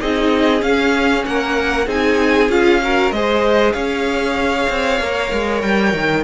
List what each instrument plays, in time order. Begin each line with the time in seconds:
0.00 cello C4, viola D#4, violin G#4 D#5
0.60 viola C#4, cello C#4, violin F5
1.25 cello A#3, violin A#4 F#5
1.86 cello C4, viola D#4, violin G#4 G#5
2.49 cello C#4, viola F4, violin F5
2.82 viola F#4, violin A#4
3.11 cello G#3, viola G#4, violin C5 D#5
3.73 cello C#4, violin C#5 F5
4.69 cello C4
5.00 cello A#3, viola A#4
5.32 cello G#3
5.61 cello G3, violin G5
5.93 cello D#3